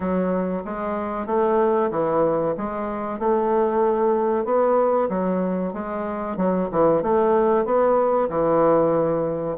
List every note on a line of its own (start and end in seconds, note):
0.00 0.63 F#3
0.64 1.26 G#3
1.26 1.90 A3
1.91 2.54 E3
2.57 3.19 G#3
3.19 4.44 A3
4.44 5.08 B3
5.09 5.73 F#3
5.73 6.36 G#3
6.36 6.68 F#3
6.71 7.02 E3
7.02 7.65 A3
7.65 8.29 B3
8.29 9.57 E3